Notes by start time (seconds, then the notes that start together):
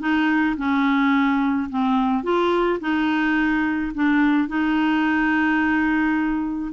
0.00 D#4
0.57 C#4
1.70 C4
2.24 F4
2.80 D#4
3.95 D4
4.48 D#4